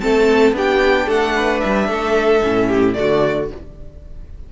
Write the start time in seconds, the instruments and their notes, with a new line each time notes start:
0.00 cello A3, viola C4, violin A4 A5
0.52 cello B3, viola D4, violin G4 G5
1.06 cello A3, violin A4 F#5
1.36 violin B4
1.60 cello G3, violin E5
1.88 cello A3, violin A4
2.42 cello A2, viola C#4
2.68 violin G4
2.93 cello D3, viola A3, violin F#4 D5